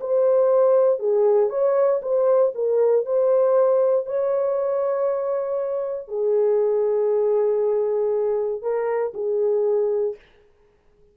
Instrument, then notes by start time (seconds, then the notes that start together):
horn
0.00 C5
0.99 G#4
1.49 C#5
2.02 C5
2.54 A#4
3.05 C5
4.06 C#5
6.08 G#4
8.61 A#4
9.13 G#4